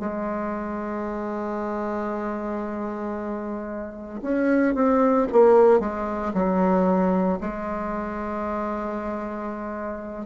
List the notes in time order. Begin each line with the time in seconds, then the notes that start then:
0.00 G#3
4.22 C#4
4.75 C4
5.33 A#3
5.80 G#3
6.34 F#3
7.41 G#3